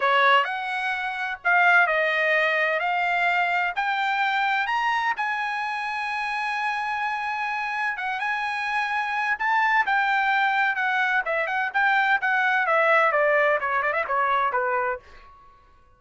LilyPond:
\new Staff \with { instrumentName = "trumpet" } { \time 4/4 \tempo 4 = 128 cis''4 fis''2 f''4 | dis''2 f''2 | g''2 ais''4 gis''4~ | gis''1~ |
gis''4 fis''8 gis''2~ gis''8 | a''4 g''2 fis''4 | e''8 fis''8 g''4 fis''4 e''4 | d''4 cis''8 d''16 e''16 cis''4 b'4 | }